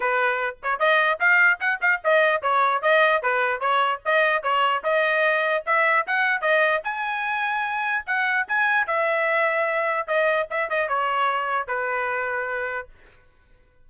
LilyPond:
\new Staff \with { instrumentName = "trumpet" } { \time 4/4 \tempo 4 = 149 b'4. cis''8 dis''4 f''4 | fis''8 f''8 dis''4 cis''4 dis''4 | b'4 cis''4 dis''4 cis''4 | dis''2 e''4 fis''4 |
dis''4 gis''2. | fis''4 gis''4 e''2~ | e''4 dis''4 e''8 dis''8 cis''4~ | cis''4 b'2. | }